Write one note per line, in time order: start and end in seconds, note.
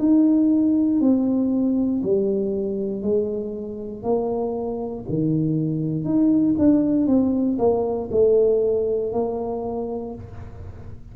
0.00 1.01 D#4
1.01 2.02 C4
2.03 3.02 G3
3.02 4.04 G#3
4.04 5.05 A#3
5.09 6.05 D#3
6.05 6.55 D#4
6.59 7.07 D4
7.07 7.58 C4
7.59 8.10 A#3
8.12 9.13 A3
9.13 10.15 A#3